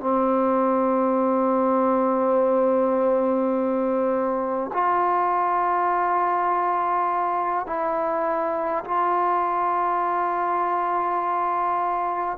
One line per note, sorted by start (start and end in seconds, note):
0.00 4.71 C4
4.73 7.66 F4
7.66 8.84 E4
8.84 12.37 F4